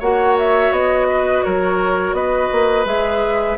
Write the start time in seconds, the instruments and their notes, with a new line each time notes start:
0.00 bassoon A#3, clarinet F#4, oboe C#5, flute F#5
0.39 flute E5
0.71 bassoon B3, flute D#5
1.09 oboe B4
1.43 bassoon F#3, oboe A#4, flute C#5
2.13 bassoon B3, oboe B4, flute D#5
2.52 bassoon A#3
2.86 bassoon G#3, clarinet G#4, flute E5